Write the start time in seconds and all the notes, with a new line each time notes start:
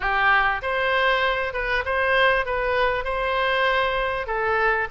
0.00 G4
0.62 C5
1.53 B4
1.85 C5
2.45 B4
3.04 C5
4.27 A4